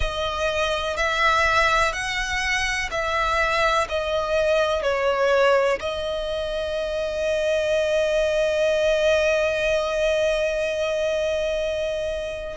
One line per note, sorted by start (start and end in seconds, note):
0.00 0.96 D#5
0.96 1.93 E5
1.93 2.89 F#5
2.90 3.87 E5
3.88 4.82 D#5
4.82 5.79 C#5
5.79 12.56 D#5